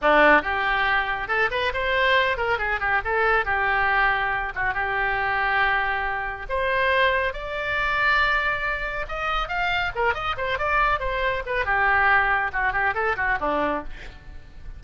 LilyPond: \new Staff \with { instrumentName = "oboe" } { \time 4/4 \tempo 4 = 139 d'4 g'2 a'8 b'8 | c''4. ais'8 gis'8 g'8 a'4 | g'2~ g'8 fis'8 g'4~ | g'2. c''4~ |
c''4 d''2.~ | d''4 dis''4 f''4 ais'8 dis''8 | c''8 d''4 c''4 b'8 g'4~ | g'4 fis'8 g'8 a'8 fis'8 d'4 | }